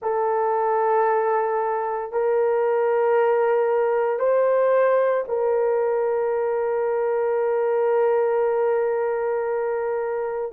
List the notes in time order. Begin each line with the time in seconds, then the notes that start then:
0.02 A4
2.11 A#4
4.19 C5
5.27 A#4